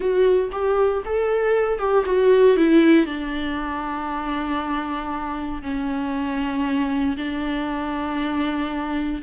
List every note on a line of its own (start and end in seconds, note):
0.00 0.50 F#4
0.52 1.03 G4
1.05 1.78 A4
1.78 2.04 G4
2.05 2.56 F#4
2.56 3.05 E4
3.05 5.62 D4
5.62 7.16 C#4
7.17 9.22 D4